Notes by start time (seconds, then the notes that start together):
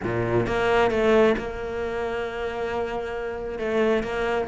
0.03 A#2
0.46 A#3
0.91 A3
1.37 A#3
3.58 A3
4.03 A#3